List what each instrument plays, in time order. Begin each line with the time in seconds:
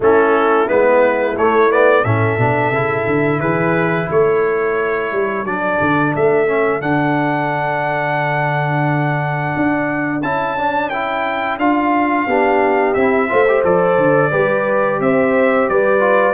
0.00 tuba A3, trombone C#4, horn E4, trumpet A4
0.67 tuba G#3, trombone B3, trumpet B4
1.36 trombone A3, tuba A3, trumpet C#5
1.70 trombone B3, trumpet D5
2.04 tuba A2, trombone C#4, horn A4, trumpet E5
2.37 tuba B2, trombone D4
2.70 tuba C#3, trombone E4
3.06 tuba D3
3.40 tuba E3, horn G#4, trumpet B4
4.08 tuba A3, horn A4, trumpet C#5
5.12 tuba G3
5.44 tuba F#3, trombone D4, trumpet D5
5.81 tuba D3
6.15 tuba A3, trumpet E5
6.47 trombone C#4
6.80 tuba D3, trombone D4, trumpet F#5
9.56 tuba D4
10.22 tuba C#4, trombone E4, trumpet A5
10.57 trombone D4
10.89 trombone E4, trumpet G5
11.58 tuba D4, trombone F4, trumpet F5
12.26 tuba B3, trombone D4, horn G4
12.94 tuba C4, trombone E4, trumpet E5
13.28 tuba A3, trombone F4, horn C5
13.48 trombone G4
13.64 tuba F3, trombone A4, trumpet D5
13.97 tuba D3
14.31 tuba G3, trombone G4, horn B4
14.99 tuba C4, horn C5, trumpet E5
15.68 tuba G3, horn B4, trumpet D5
15.99 trombone F4